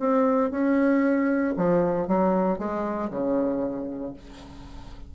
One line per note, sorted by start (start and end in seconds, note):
0.00 0.51 C4
0.51 1.54 C#4
1.57 2.08 F3
2.08 2.59 F#3
2.59 3.10 G#3
3.11 4.14 C#3